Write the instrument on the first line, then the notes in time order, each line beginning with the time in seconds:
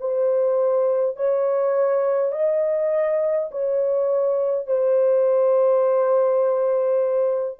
horn
0.00 C5
1.16 C#5
2.32 D#5
3.51 C#5
4.67 C5